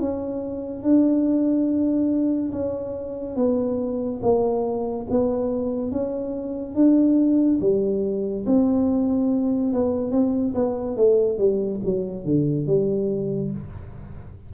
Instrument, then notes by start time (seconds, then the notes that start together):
tuba
0.00 C#4
0.83 D4
2.53 C#4
3.36 B3
4.23 A#3
5.10 B3
5.92 C#4
6.75 D4
7.61 G3
8.47 C4
9.74 B3
10.12 C4
10.55 B3
10.97 A3
11.39 G3
11.85 F#3
12.25 D3
12.67 G3